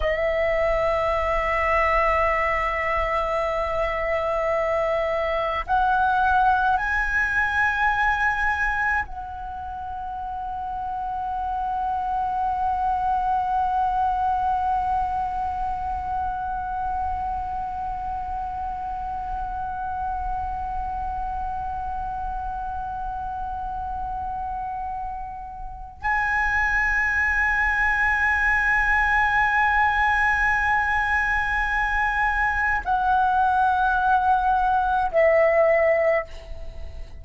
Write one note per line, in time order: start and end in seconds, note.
0.00 5.65 E5
5.66 6.77 F#5
6.77 9.03 G#5
9.06 26.01 F#5
26.01 32.80 G#5
32.85 35.11 F#5
35.11 36.24 E5